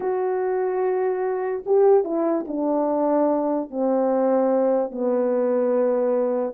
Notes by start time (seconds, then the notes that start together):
0.00 F#4
1.66 G4
2.04 E4
2.47 D4
3.70 C4
4.91 B3